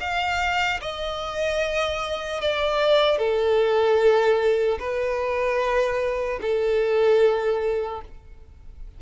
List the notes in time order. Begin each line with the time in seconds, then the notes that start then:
0.00 F5
0.81 D#5
2.41 D5
3.18 A4
4.79 B4
6.41 A4